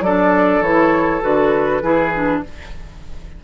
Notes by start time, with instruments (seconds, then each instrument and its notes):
0.00 bassoon F#3, clarinet D4, oboe A4, flute D5
0.61 bassoon E3, clarinet E4, flute C#5
1.21 bassoon D3, clarinet F#4, flute B4
1.82 bassoon E3, clarinet E4, oboe G#4
2.14 clarinet D4